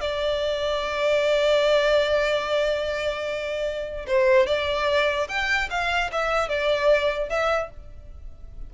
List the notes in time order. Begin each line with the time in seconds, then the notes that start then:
0.00 D5
4.07 C5
4.46 D5
5.28 G5
5.70 F5
6.11 E5
6.48 D5
7.29 E5